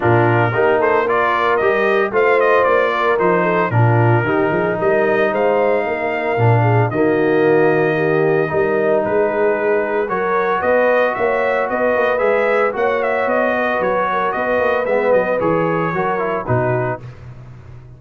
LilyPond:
<<
  \new Staff \with { instrumentName = "trumpet" } { \time 4/4 \tempo 4 = 113 ais'4. c''8 d''4 dis''4 | f''8 dis''8 d''4 c''4 ais'4~ | ais'4 dis''4 f''2~ | f''4 dis''2.~ |
dis''4 b'2 cis''4 | dis''4 e''4 dis''4 e''4 | fis''8 e''8 dis''4 cis''4 dis''4 | e''8 dis''8 cis''2 b'4 | }
  \new Staff \with { instrumentName = "horn" } { \time 4/4 f'4 g'8 a'8 ais'2 | c''4. ais'4 a'8 f'4 | g'8 gis'8 ais'4 c''4 ais'4~ | ais'8 gis'8 fis'2 g'4 |
ais'4 gis'2 ais'4 | b'4 cis''4 b'2 | cis''4. b'4 ais'8 b'4~ | b'2 ais'4 fis'4 | }
  \new Staff \with { instrumentName = "trombone" } { \time 4/4 d'4 dis'4 f'4 g'4 | f'2 dis'4 d'4 | dis'1 | d'4 ais2. |
dis'2. fis'4~ | fis'2. gis'4 | fis'1 | b4 gis'4 fis'8 e'8 dis'4 | }
  \new Staff \with { instrumentName = "tuba" } { \time 4/4 ais,4 ais2 g4 | a4 ais4 f4 ais,4 | dis8 f8 g4 gis4 ais4 | ais,4 dis2. |
g4 gis2 fis4 | b4 ais4 b8 ais8 gis4 | ais4 b4 fis4 b8 ais8 | gis8 fis8 e4 fis4 b,4 | }
>>